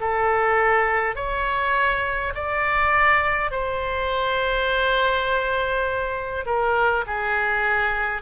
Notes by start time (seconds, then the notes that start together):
0.00 A4
1.16 C#5
2.35 D5
3.51 C5
6.46 A#4
7.07 G#4